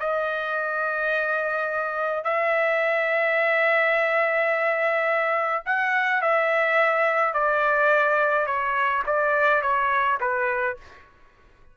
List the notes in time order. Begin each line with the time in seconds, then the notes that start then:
0.00 D#5
2.25 E5
5.66 F#5
6.22 E5
7.34 D5
8.47 C#5
9.07 D5
9.62 C#5
10.21 B4